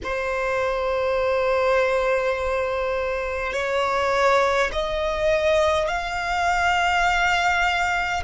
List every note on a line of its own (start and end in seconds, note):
0.03 3.52 C5
3.52 4.70 C#5
4.72 5.88 D#5
5.88 8.23 F5